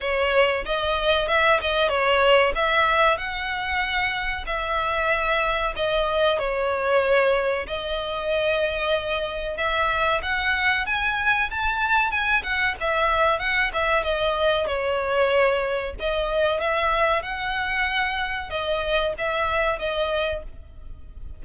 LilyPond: \new Staff \with { instrumentName = "violin" } { \time 4/4 \tempo 4 = 94 cis''4 dis''4 e''8 dis''8 cis''4 | e''4 fis''2 e''4~ | e''4 dis''4 cis''2 | dis''2. e''4 |
fis''4 gis''4 a''4 gis''8 fis''8 | e''4 fis''8 e''8 dis''4 cis''4~ | cis''4 dis''4 e''4 fis''4~ | fis''4 dis''4 e''4 dis''4 | }